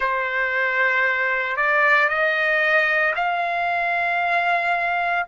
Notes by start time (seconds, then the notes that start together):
0.00 C5
1.56 D5
2.08 D#5
3.15 F5